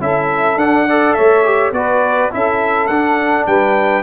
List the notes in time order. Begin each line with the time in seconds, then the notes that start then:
0.00 C#4 E4 A4 E5
0.56 D4 F#5
0.86 A4 D5
1.13 A3 C#5 E5
1.44 G4
1.72 B3 F#4 B4 D5
2.31 C#4 E4 A4 E5
2.87 D4 F#5
3.46 G3 B4 G5